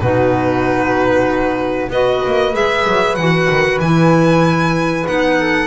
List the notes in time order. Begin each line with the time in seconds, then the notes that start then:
0.00 B2 D#4 F#4 B4
1.89 B3 F#4 B4 D#5
2.26 A#3
2.53 G#3 G#4 E5
2.87 F#3
3.16 E3 F#4 F#5
3.50 D#3
3.79 E3 E4 G#5
5.07 B3 D#4 F#5
5.40 A4